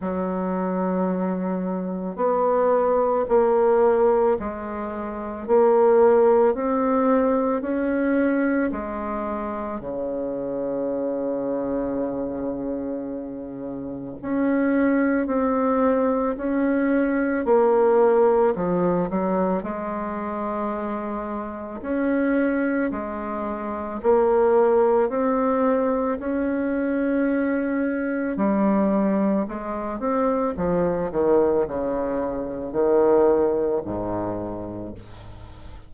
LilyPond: \new Staff \with { instrumentName = "bassoon" } { \time 4/4 \tempo 4 = 55 fis2 b4 ais4 | gis4 ais4 c'4 cis'4 | gis4 cis2.~ | cis4 cis'4 c'4 cis'4 |
ais4 f8 fis8 gis2 | cis'4 gis4 ais4 c'4 | cis'2 g4 gis8 c'8 | f8 dis8 cis4 dis4 gis,4 | }